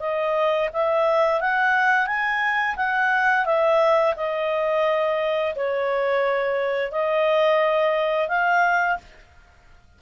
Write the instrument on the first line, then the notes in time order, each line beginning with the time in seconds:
clarinet
0.00 D#5
0.73 E5
1.41 F#5
2.07 G#5
2.76 F#5
3.45 E5
4.16 D#5
5.55 C#5
6.92 D#5
8.29 F5